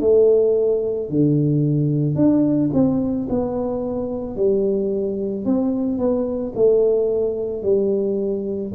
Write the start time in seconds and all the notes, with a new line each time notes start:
0.00 A3
1.09 D3
2.15 D4
2.73 C4
3.29 B3
4.36 G3
5.45 C4
5.98 B3
6.55 A3
7.63 G3